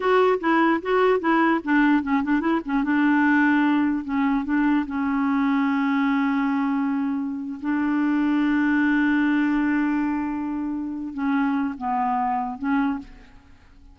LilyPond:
\new Staff \with { instrumentName = "clarinet" } { \time 4/4 \tempo 4 = 148 fis'4 e'4 fis'4 e'4 | d'4 cis'8 d'8 e'8 cis'8 d'4~ | d'2 cis'4 d'4 | cis'1~ |
cis'2~ cis'8. d'4~ d'16~ | d'1~ | d'2.~ d'8 cis'8~ | cis'4 b2 cis'4 | }